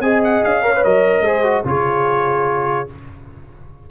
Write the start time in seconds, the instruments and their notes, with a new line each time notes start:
0.00 tuba C4, trombone G#4, horn D#5, trumpet G#5
0.23 trumpet F#5
0.43 tuba C#4, trumpet F5
0.62 trombone A#4, horn C#5
0.75 trombone B4
0.84 tuba F#3, trombone A#4, trumpet D#5
1.20 tuba G#3, trombone G#4, horn C5
1.43 trombone F#4
1.64 tuba C#3, trombone F4, horn G#4, trumpet C#5